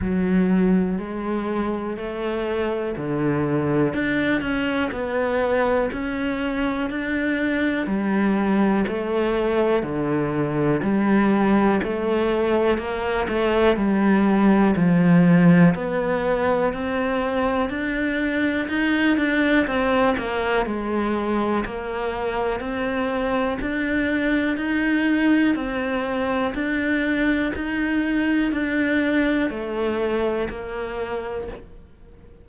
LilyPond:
\new Staff \with { instrumentName = "cello" } { \time 4/4 \tempo 4 = 61 fis4 gis4 a4 d4 | d'8 cis'8 b4 cis'4 d'4 | g4 a4 d4 g4 | a4 ais8 a8 g4 f4 |
b4 c'4 d'4 dis'8 d'8 | c'8 ais8 gis4 ais4 c'4 | d'4 dis'4 c'4 d'4 | dis'4 d'4 a4 ais4 | }